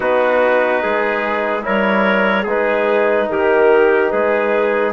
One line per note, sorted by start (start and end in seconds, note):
0.00 0.82 B3
0.00 1.61 D#4
0.00 0.82 F#4
0.00 1.63 B4
0.82 1.66 G#3
0.82 1.64 G#4
1.61 2.45 G3
1.61 2.43 E4
1.61 2.43 A#4
1.61 2.47 C#5
2.43 3.27 G#3
2.43 3.25 G#4
2.43 3.29 B4
2.49 4.93 D#4
3.29 4.12 D#3
3.29 4.11 G4
3.29 4.10 A#4
4.10 4.93 G#3
4.10 4.93 G#4
4.10 4.92 B4